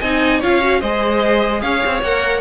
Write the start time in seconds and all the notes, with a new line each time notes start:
0.00 C4 D#4 D#5 G#5
0.39 C#4 F4 C#5 F5
0.61 F#4
0.81 G#3 G#4 C5 D#5
1.61 C#4 C#5 F5
1.85 C4
2.01 A#3 A#4 F#5